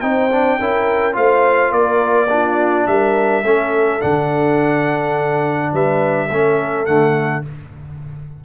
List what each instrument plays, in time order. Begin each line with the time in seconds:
0.00 tuba C4, trombone D#4, horn C5, trumpet G5
0.31 trombone D4
0.58 tuba C#4, trombone E4, horn A#4
1.12 tuba A3, trombone F4, horn C5, trumpet F5
1.71 tuba A#3, horn A#4, trumpet D5
2.29 trombone D4, horn F4
2.86 tuba G3, horn A#4, trumpet E5
3.43 tuba A3, trombone C#4, horn A4
4.00 tuba D3, trombone D4, trumpet F#5
5.72 tuba G3, horn B4, trumpet E5
6.29 tuba A3, trombone C#4, horn A4
6.85 tuba D3, trombone A3, trumpet F#5